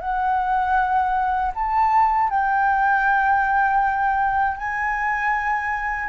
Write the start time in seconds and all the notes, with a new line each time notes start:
0.00 F#5
1.55 A5
2.30 G5
4.57 G#5